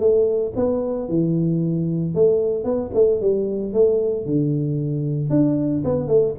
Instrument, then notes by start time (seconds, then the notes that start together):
tuba
0.00 A3
0.56 B3
1.09 E3
2.15 A3
2.65 B3
2.95 A3
3.21 G3
3.74 A3
4.26 D3
5.30 D4
5.85 B3
6.08 A3